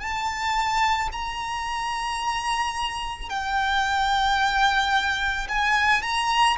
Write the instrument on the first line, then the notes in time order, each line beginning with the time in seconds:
violin
0.00 A5
1.12 A#5
3.29 G5
5.48 G#5
6.02 A#5